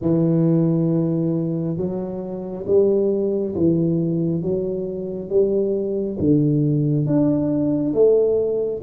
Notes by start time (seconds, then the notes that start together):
0.01 E3
1.76 F#3
2.66 G3
3.55 E3
4.42 F#3
5.29 G3
6.19 D3
7.06 D4
7.93 A3